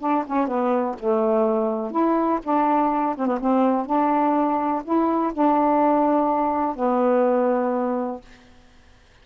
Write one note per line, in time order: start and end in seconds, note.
0.00 0.24 D4
0.27 0.48 C#4
0.48 0.96 B3
0.99 1.91 A3
1.91 2.40 E4
2.43 3.16 D4
3.16 3.27 C4
3.27 3.39 B3
3.40 3.86 C4
3.86 4.83 D4
4.85 5.33 E4
5.33 6.76 D4
6.76 8.21 B3